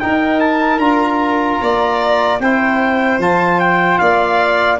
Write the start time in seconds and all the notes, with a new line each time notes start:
0.00 D#4 A#4 G5
0.40 A5
0.78 D4 F4 A#5
1.61 A#3 D5
2.39 C4 E4 C5 G5
3.18 F3 F4 A5
3.60 G5
3.99 A#3 D5 F5